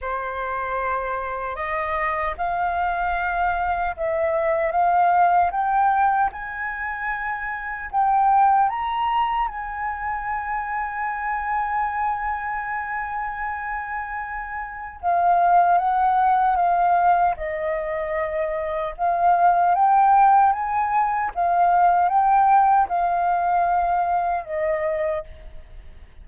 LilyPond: \new Staff \with { instrumentName = "flute" } { \time 4/4 \tempo 4 = 76 c''2 dis''4 f''4~ | f''4 e''4 f''4 g''4 | gis''2 g''4 ais''4 | gis''1~ |
gis''2. f''4 | fis''4 f''4 dis''2 | f''4 g''4 gis''4 f''4 | g''4 f''2 dis''4 | }